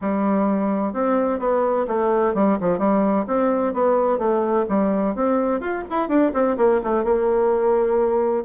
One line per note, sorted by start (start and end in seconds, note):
0.01 0.93 G3
0.93 1.39 C4
1.39 1.86 B3
1.87 2.34 A3
2.34 2.57 G3
2.60 2.78 F3
2.78 3.25 G3
3.27 3.73 C4
3.73 4.18 B3
4.18 4.65 A3
4.69 5.15 G3
5.15 5.60 C4
5.60 5.84 F4
5.90 6.08 E4
6.08 6.32 D4
6.33 6.56 C4
6.57 6.80 A#3
6.83 7.03 A3
7.03 8.44 A#3